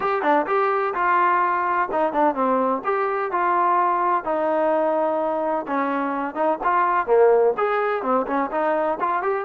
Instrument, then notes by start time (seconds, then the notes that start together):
trombone
0.00 G4
0.22 D4
0.46 G4
0.94 F4
1.91 D#4
2.12 D4
2.34 C4
2.84 G4
3.31 F4
4.24 D#4
5.67 C#4
6.34 D#4
6.63 F4
7.06 A#3
7.57 G#4
8.02 C4
8.27 C#4
8.51 D#4
8.99 F4
9.22 G4